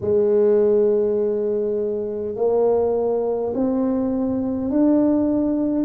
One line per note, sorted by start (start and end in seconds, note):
0.01 2.35 G#3
2.35 3.53 A#3
3.54 4.70 C4
4.70 5.84 D4